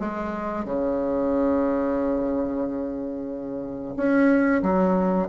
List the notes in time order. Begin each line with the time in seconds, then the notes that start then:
0.00 G#3
0.65 C#3
3.97 C#4
4.63 F#3